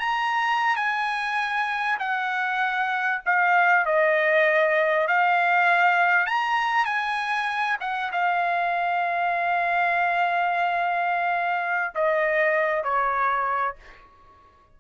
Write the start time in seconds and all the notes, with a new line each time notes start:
0.00 A#5
0.76 G#5
1.99 F#5
3.26 F5
3.86 D#5
5.08 F5
6.27 A#5
6.86 G#5
7.81 F#5
8.12 F5
11.95 D#5
12.84 C#5